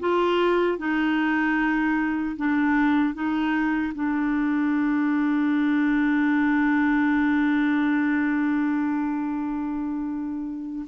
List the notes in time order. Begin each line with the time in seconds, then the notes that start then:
0.00 F4
0.79 D#4
2.37 D4
3.14 D#4
3.95 D4